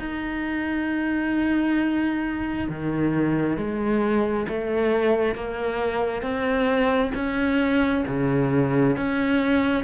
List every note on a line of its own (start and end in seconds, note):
0.00 2.69 D#4
2.69 3.57 D#3
3.57 4.47 G#3
4.49 5.35 A3
5.35 6.22 A#3
6.22 7.12 C4
7.15 8.05 C#4
8.08 8.97 C#3
8.97 9.84 C#4